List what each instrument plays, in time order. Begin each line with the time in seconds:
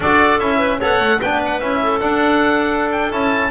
0.00 double bass D4, trombone F#4, clarinet A4, oboe D5
0.39 double bass C#4, trombone E4, oboe E5
0.58 clarinet B4
0.79 double bass B3, trombone A4, clarinet C#5, oboe F#5
1.00 double bass A3
1.20 double bass B3, trombone D4, clarinet B4, oboe G5
1.45 oboe F#5
1.59 double bass C#4, trombone E4, oboe E5
1.82 clarinet A4
2.00 trombone D4, double bass D4, oboe F#5
2.91 oboe G5
3.11 double bass C#4, trombone E4, oboe A5